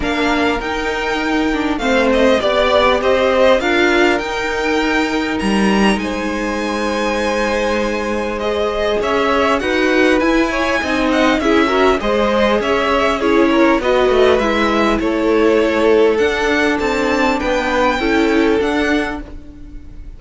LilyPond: <<
  \new Staff \with { instrumentName = "violin" } { \time 4/4 \tempo 4 = 100 f''4 g''2 f''8 dis''8 | d''4 dis''4 f''4 g''4~ | g''4 ais''4 gis''2~ | gis''2 dis''4 e''4 |
fis''4 gis''4. fis''8 e''4 | dis''4 e''4 cis''4 dis''4 | e''4 cis''2 fis''4 | a''4 g''2 fis''4 | }
  \new Staff \with { instrumentName = "violin" } { \time 4/4 ais'2. c''4 | d''4 c''4 ais'2~ | ais'2 c''2~ | c''2. cis''4 |
b'4. cis''8 dis''4 gis'8 ais'8 | c''4 cis''4 gis'8 ais'8 b'4~ | b'4 a'2.~ | a'4 b'4 a'2 | }
  \new Staff \with { instrumentName = "viola" } { \time 4/4 d'4 dis'4. d'8 c'4 | g'2 f'4 dis'4~ | dis'1~ | dis'2 gis'2 |
fis'4 e'4 dis'4 e'8 fis'8 | gis'2 e'4 fis'4 | e'2. d'4~ | d'2 e'4 d'4 | }
  \new Staff \with { instrumentName = "cello" } { \time 4/4 ais4 dis'2 a4 | b4 c'4 d'4 dis'4~ | dis'4 g4 gis2~ | gis2. cis'4 |
dis'4 e'4 c'4 cis'4 | gis4 cis'2 b8 a8 | gis4 a2 d'4 | c'4 b4 cis'4 d'4 | }
>>